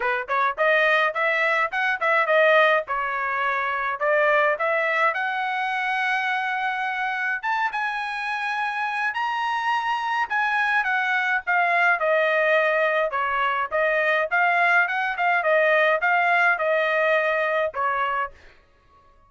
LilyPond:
\new Staff \with { instrumentName = "trumpet" } { \time 4/4 \tempo 4 = 105 b'8 cis''8 dis''4 e''4 fis''8 e''8 | dis''4 cis''2 d''4 | e''4 fis''2.~ | fis''4 a''8 gis''2~ gis''8 |
ais''2 gis''4 fis''4 | f''4 dis''2 cis''4 | dis''4 f''4 fis''8 f''8 dis''4 | f''4 dis''2 cis''4 | }